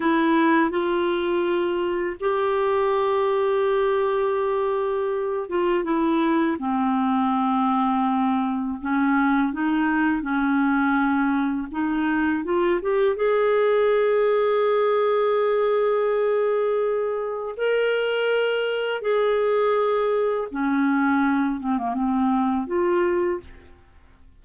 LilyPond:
\new Staff \with { instrumentName = "clarinet" } { \time 4/4 \tempo 4 = 82 e'4 f'2 g'4~ | g'2.~ g'8 f'8 | e'4 c'2. | cis'4 dis'4 cis'2 |
dis'4 f'8 g'8 gis'2~ | gis'1 | ais'2 gis'2 | cis'4. c'16 ais16 c'4 f'4 | }